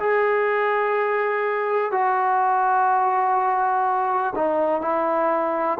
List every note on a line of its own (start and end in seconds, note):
0.00 1.92 G#4
1.92 4.34 F#4
4.36 4.82 D#4
4.82 5.78 E4